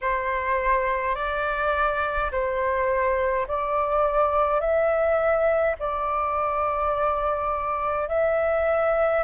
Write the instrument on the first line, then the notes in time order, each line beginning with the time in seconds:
flute
0.01 C5
1.15 D5
2.31 C5
3.47 D5
4.60 E5
5.79 D5
8.08 E5